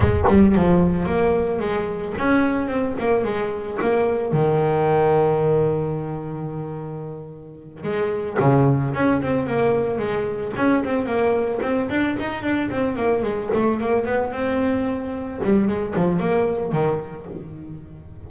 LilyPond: \new Staff \with { instrumentName = "double bass" } { \time 4/4 \tempo 4 = 111 gis8 g8 f4 ais4 gis4 | cis'4 c'8 ais8 gis4 ais4 | dis1~ | dis2~ dis8 gis4 cis8~ |
cis8 cis'8 c'8 ais4 gis4 cis'8 | c'8 ais4 c'8 d'8 dis'8 d'8 c'8 | ais8 gis8 a8 ais8 b8 c'4.~ | c'8 g8 gis8 f8 ais4 dis4 | }